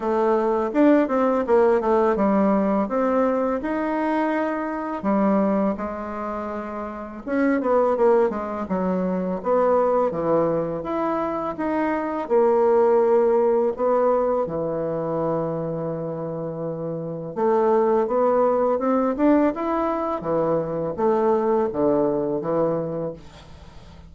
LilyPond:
\new Staff \with { instrumentName = "bassoon" } { \time 4/4 \tempo 4 = 83 a4 d'8 c'8 ais8 a8 g4 | c'4 dis'2 g4 | gis2 cis'8 b8 ais8 gis8 | fis4 b4 e4 e'4 |
dis'4 ais2 b4 | e1 | a4 b4 c'8 d'8 e'4 | e4 a4 d4 e4 | }